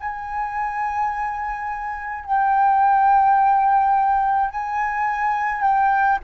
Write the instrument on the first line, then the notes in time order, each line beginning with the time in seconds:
flute
0.00 G#5
2.25 G5
4.50 G#5
5.61 G5